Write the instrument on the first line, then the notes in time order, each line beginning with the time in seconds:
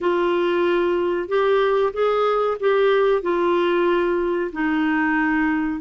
clarinet
0.00 F4
1.28 G4
1.93 G#4
2.60 G4
3.22 F4
4.52 D#4